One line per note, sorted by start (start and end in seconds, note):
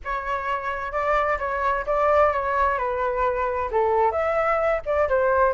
0.04 0.92 C#5
0.92 1.38 D5
1.38 1.85 C#5
1.86 2.32 D5
2.32 2.77 C#5
2.77 3.70 B4
3.71 4.11 A4
4.11 4.80 E5
4.85 5.08 D5
5.08 5.53 C5